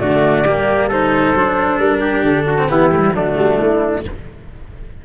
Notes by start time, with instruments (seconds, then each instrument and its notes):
0.00 tuba D3, cello A3, trumpet F#4, flute D5
0.46 tuba G3, cello A#3, trumpet G4
0.88 cello D#4, trumpet A4, flute C5
1.34 tuba F#3, cello D4
1.79 tuba G3, flute A#4
2.00 trumpet G4
2.24 tuba D3, flute A4
2.46 trumpet F#4
2.58 cello C4
2.69 tuba E3, cello B3, trumpet E4, flute G4
2.92 cello A3
3.00 cello G3
3.12 tuba F#3, cello A3, trumpet D4, flute F#4
3.36 tuba G3
3.59 tuba A3, flute E4